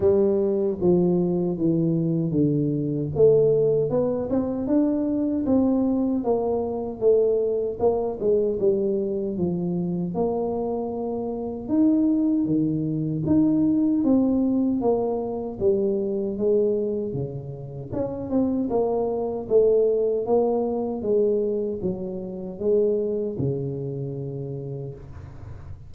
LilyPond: \new Staff \with { instrumentName = "tuba" } { \time 4/4 \tempo 4 = 77 g4 f4 e4 d4 | a4 b8 c'8 d'4 c'4 | ais4 a4 ais8 gis8 g4 | f4 ais2 dis'4 |
dis4 dis'4 c'4 ais4 | g4 gis4 cis4 cis'8 c'8 | ais4 a4 ais4 gis4 | fis4 gis4 cis2 | }